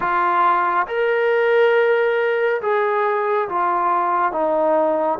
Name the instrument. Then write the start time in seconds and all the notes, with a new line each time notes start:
trombone
0.00 F4
0.87 A#4
2.61 G#4
3.49 F4
4.32 D#4